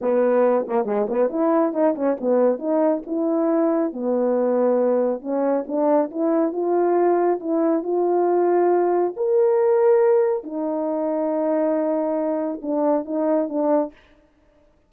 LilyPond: \new Staff \with { instrumentName = "horn" } { \time 4/4 \tempo 4 = 138 b4. ais8 gis8 b8 e'4 | dis'8 cis'8 b4 dis'4 e'4~ | e'4 b2. | cis'4 d'4 e'4 f'4~ |
f'4 e'4 f'2~ | f'4 ais'2. | dis'1~ | dis'4 d'4 dis'4 d'4 | }